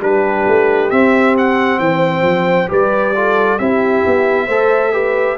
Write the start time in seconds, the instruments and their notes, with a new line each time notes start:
0.00 tuba G3, trombone D4, horn G4, trumpet B4
0.47 tuba A3
0.90 trombone C4, tuba C4, trumpet E5
1.37 trumpet F#5
1.79 tuba E3, horn C5, trumpet G5
2.21 tuba F3
2.68 tuba G3, trombone G4, horn B4, trumpet D5
3.15 trombone F4, horn A4
3.58 tuba C4, trombone E4, horn G4, trumpet E5
4.06 tuba B3
4.46 tuba A3, trombone A4, horn C5
4.92 trombone G4, horn B4